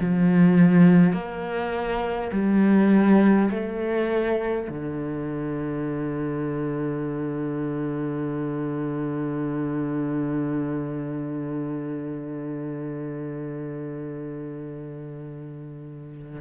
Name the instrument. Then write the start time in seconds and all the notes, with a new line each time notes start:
cello
0.00 F3
1.13 A#3
2.32 G3
3.50 A3
4.69 D3